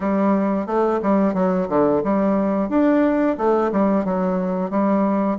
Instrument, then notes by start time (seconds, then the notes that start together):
bassoon
0.00 G3
0.66 A3
1.02 G3
1.34 F#3
1.69 D3
2.03 G3
2.69 D4
3.37 A3
3.71 G3
4.04 F#3
4.70 G3